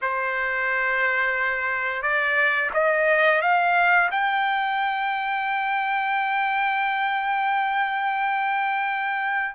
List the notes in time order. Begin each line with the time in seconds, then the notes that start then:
0.01 C5
2.02 D5
2.73 D#5
3.41 F5
4.11 G5